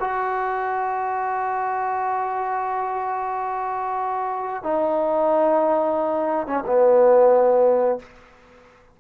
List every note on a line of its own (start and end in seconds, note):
0.00 4.63 F#4
4.63 6.47 D#4
6.47 6.64 C#4
6.66 7.99 B3